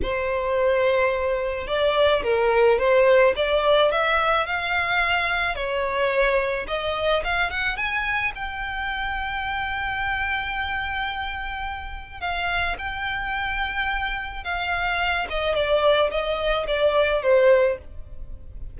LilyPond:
\new Staff \with { instrumentName = "violin" } { \time 4/4 \tempo 4 = 108 c''2. d''4 | ais'4 c''4 d''4 e''4 | f''2 cis''2 | dis''4 f''8 fis''8 gis''4 g''4~ |
g''1~ | g''2 f''4 g''4~ | g''2 f''4. dis''8 | d''4 dis''4 d''4 c''4 | }